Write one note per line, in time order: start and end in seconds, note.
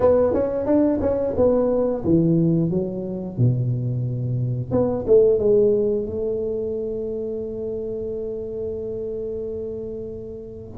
0.00 0.33 B3
0.33 0.66 C#4
0.66 0.99 D4
1.00 1.34 C#4
1.36 2.03 B3
2.04 2.70 E3
2.70 3.37 F#3
3.37 4.71 B2
4.71 5.05 B3
5.07 5.38 A3
5.38 6.06 G#3
6.06 10.77 A3